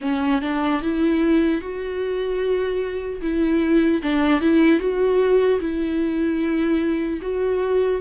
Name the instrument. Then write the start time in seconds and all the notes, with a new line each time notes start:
viola
0.01 C#4
0.41 D4
0.81 E4
1.61 F#4
3.21 E4
4.02 D4
4.40 E4
4.79 F#4
5.60 E4
7.21 F#4